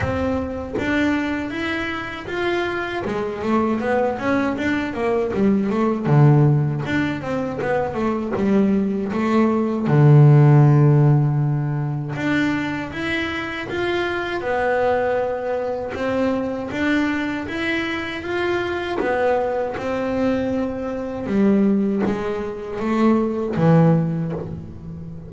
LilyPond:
\new Staff \with { instrumentName = "double bass" } { \time 4/4 \tempo 4 = 79 c'4 d'4 e'4 f'4 | gis8 a8 b8 cis'8 d'8 ais8 g8 a8 | d4 d'8 c'8 b8 a8 g4 | a4 d2. |
d'4 e'4 f'4 b4~ | b4 c'4 d'4 e'4 | f'4 b4 c'2 | g4 gis4 a4 e4 | }